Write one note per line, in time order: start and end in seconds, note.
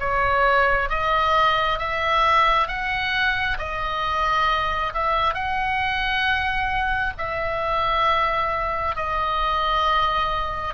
0.00 0.90 C#5
0.90 1.79 D#5
1.79 2.68 E5
2.68 3.57 F#5
3.59 4.93 D#5
4.94 5.34 E5
5.34 7.14 F#5
7.18 8.96 E5
8.96 10.74 D#5